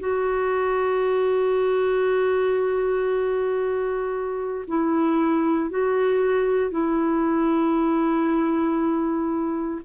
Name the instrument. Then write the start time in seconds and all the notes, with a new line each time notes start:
clarinet
0.00 F#4
4.68 E4
5.70 F#4
6.71 E4